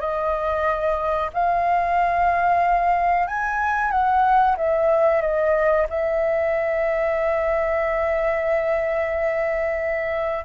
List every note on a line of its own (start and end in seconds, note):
0.00 1.30 D#5
1.34 3.28 F5
3.28 3.91 G#5
3.91 4.56 F#5
4.57 5.22 E5
5.22 5.87 D#5
5.90 10.45 E5